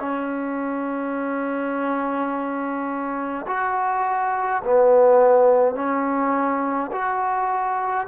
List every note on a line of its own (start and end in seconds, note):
0.00 3.46 C#4
3.48 4.63 F#4
4.64 5.76 B3
5.76 6.91 C#4
6.92 8.08 F#4